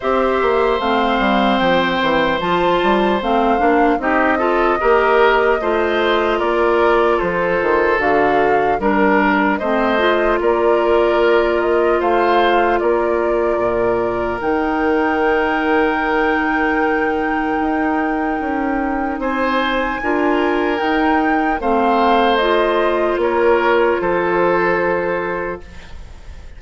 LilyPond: <<
  \new Staff \with { instrumentName = "flute" } { \time 4/4 \tempo 4 = 75 e''4 f''4 g''4 a''4 | f''4 dis''2. | d''4 c''4 f''4 ais'4 | dis''4 d''4. dis''8 f''4 |
d''2 g''2~ | g''1 | gis''2 g''4 f''4 | dis''4 cis''4 c''2 | }
  \new Staff \with { instrumentName = "oboe" } { \time 4/4 c''1~ | c''4 g'8 a'8 ais'4 c''4 | ais'4 a'2 ais'4 | c''4 ais'2 c''4 |
ais'1~ | ais'1 | c''4 ais'2 c''4~ | c''4 ais'4 a'2 | }
  \new Staff \with { instrumentName = "clarinet" } { \time 4/4 g'4 c'2 f'4 | c'8 d'8 dis'8 f'8 g'4 f'4~ | f'2 fis'4 d'4 | c'8 f'2.~ f'8~ |
f'2 dis'2~ | dis'1~ | dis'4 f'4 dis'4 c'4 | f'1 | }
  \new Staff \with { instrumentName = "bassoon" } { \time 4/4 c'8 ais8 a8 g8 f8 e8 f8 g8 | a8 ais8 c'4 ais4 a4 | ais4 f8 dis8 d4 g4 | a4 ais2 a4 |
ais4 ais,4 dis2~ | dis2 dis'4 cis'4 | c'4 d'4 dis'4 a4~ | a4 ais4 f2 | }
>>